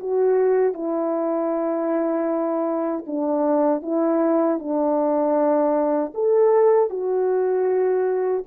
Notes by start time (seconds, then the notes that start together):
0.00 F#4
0.74 E4
3.07 D4
3.83 E4
4.59 D4
6.14 A4
6.90 F#4